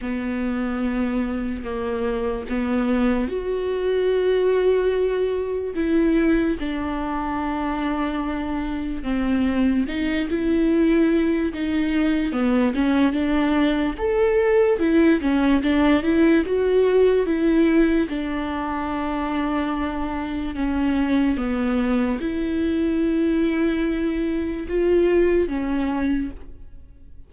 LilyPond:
\new Staff \with { instrumentName = "viola" } { \time 4/4 \tempo 4 = 73 b2 ais4 b4 | fis'2. e'4 | d'2. c'4 | dis'8 e'4. dis'4 b8 cis'8 |
d'4 a'4 e'8 cis'8 d'8 e'8 | fis'4 e'4 d'2~ | d'4 cis'4 b4 e'4~ | e'2 f'4 cis'4 | }